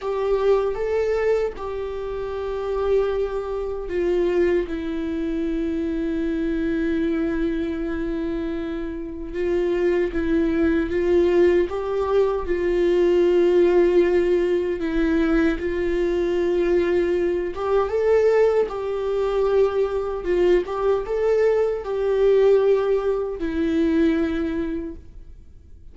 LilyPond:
\new Staff \with { instrumentName = "viola" } { \time 4/4 \tempo 4 = 77 g'4 a'4 g'2~ | g'4 f'4 e'2~ | e'1 | f'4 e'4 f'4 g'4 |
f'2. e'4 | f'2~ f'8 g'8 a'4 | g'2 f'8 g'8 a'4 | g'2 e'2 | }